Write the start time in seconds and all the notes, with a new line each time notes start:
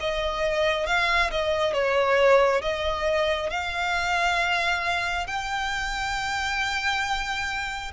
0.00 D#5
0.86 F5
1.31 D#5
1.73 C#5
2.61 D#5
3.50 F5
5.27 G5